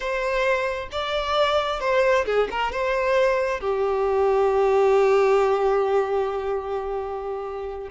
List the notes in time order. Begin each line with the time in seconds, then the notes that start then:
0.00 C5
0.91 D5
1.80 C5
2.25 G#4
2.50 A#4
2.71 C5
3.60 G4